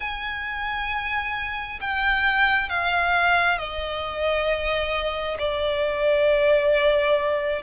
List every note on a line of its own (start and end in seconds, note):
0.00 1.79 G#5
1.80 2.69 G5
2.69 3.58 F5
3.58 5.37 D#5
5.38 7.62 D5